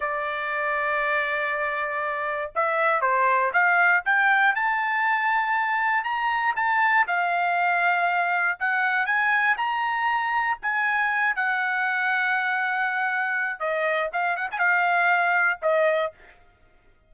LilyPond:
\new Staff \with { instrumentName = "trumpet" } { \time 4/4 \tempo 4 = 119 d''1~ | d''4 e''4 c''4 f''4 | g''4 a''2. | ais''4 a''4 f''2~ |
f''4 fis''4 gis''4 ais''4~ | ais''4 gis''4. fis''4.~ | fis''2. dis''4 | f''8 fis''16 gis''16 f''2 dis''4 | }